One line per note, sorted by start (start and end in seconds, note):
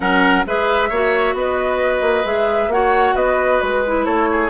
0.00 0.44 F#3
0.00 0.44 C#4
0.00 0.45 A#4
0.00 0.44 F#5
0.46 0.90 G#3
0.46 0.91 G#4
0.46 0.89 B4
0.46 1.37 E5
0.89 1.33 A#3
0.89 2.24 F#4
0.89 1.34 C#5
1.33 2.01 B3
1.33 2.72 B4
1.33 2.26 D#5
2.01 2.23 A#3
2.24 2.67 G#3
2.24 2.69 G#4
2.24 2.71 E5
2.67 3.12 A#3
2.67 3.84 F#4
2.67 3.15 C#5
2.67 3.16 F#5
3.15 3.60 B3
3.15 4.05 B4
3.15 3.61 D#5
3.61 4.06 G#3
3.61 4.05 B4
3.86 4.49 E4
4.05 4.49 A3
4.05 4.27 A4
4.05 4.49 C#5
4.31 4.49 G#4